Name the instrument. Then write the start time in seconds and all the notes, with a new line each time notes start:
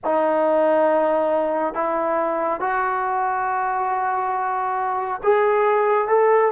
trombone
0.04 D#4
1.74 E4
2.60 F#4
5.23 G#4
6.08 A4